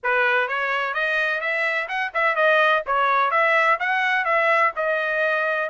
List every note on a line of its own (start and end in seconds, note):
0.03 0.47 B4
0.47 0.94 C#5
0.94 1.40 D#5
1.40 1.87 E5
1.88 2.12 F#5
2.14 2.35 E5
2.35 2.82 D#5
2.86 3.30 C#5
3.30 3.78 E5
3.79 4.24 F#5
4.24 4.72 E5
4.75 5.69 D#5